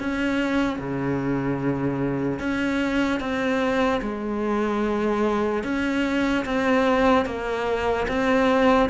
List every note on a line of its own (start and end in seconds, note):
0.00 0.79 C#4
0.79 2.40 C#3
2.40 3.20 C#4
3.20 4.01 C4
4.02 5.64 G#3
5.64 6.45 C#4
6.46 7.26 C4
7.26 8.07 A#3
8.09 8.90 C4